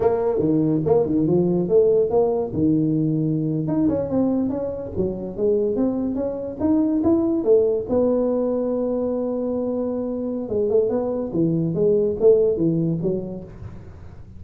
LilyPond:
\new Staff \with { instrumentName = "tuba" } { \time 4/4 \tempo 4 = 143 ais4 dis4 ais8 dis8 f4 | a4 ais4 dis2~ | dis8. dis'8 cis'8 c'4 cis'4 fis16~ | fis8. gis4 c'4 cis'4 dis'16~ |
dis'8. e'4 a4 b4~ b16~ | b1~ | b4 gis8 a8 b4 e4 | gis4 a4 e4 fis4 | }